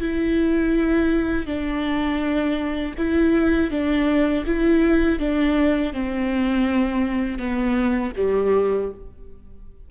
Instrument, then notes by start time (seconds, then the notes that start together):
viola
0.00 E4
1.46 D4
2.98 E4
3.71 D4
4.46 E4
5.19 D4
5.94 C4
7.38 B3
8.17 G3